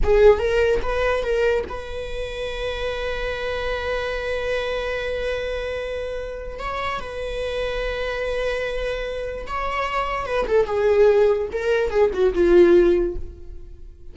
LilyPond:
\new Staff \with { instrumentName = "viola" } { \time 4/4 \tempo 4 = 146 gis'4 ais'4 b'4 ais'4 | b'1~ | b'1~ | b'1 |
cis''4 b'2.~ | b'2. cis''4~ | cis''4 b'8 a'8 gis'2 | ais'4 gis'8 fis'8 f'2 | }